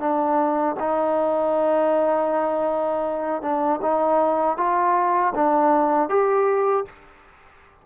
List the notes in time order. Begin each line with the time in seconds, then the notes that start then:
0.00 D4
0.80 D#4
3.42 D4
3.83 D#4
4.58 F4
5.35 D4
6.10 G4